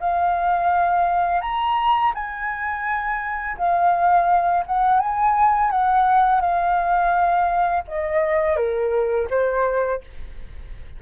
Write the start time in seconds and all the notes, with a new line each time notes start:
0.00 F5
1.41 A#5
2.15 G#5
3.57 F5
4.66 F#5
5.00 G#5
5.71 F#5
6.41 F5
7.88 D#5
8.56 A#4
9.30 C5